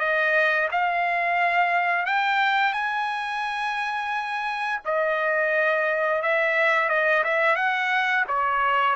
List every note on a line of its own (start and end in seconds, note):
0.00 0.69 D#5
0.72 2.06 F5
2.06 2.74 G5
2.74 4.81 G#5
4.86 6.23 D#5
6.23 6.89 E5
6.89 7.24 D#5
7.24 7.56 E5
7.56 8.25 F#5
8.28 8.96 C#5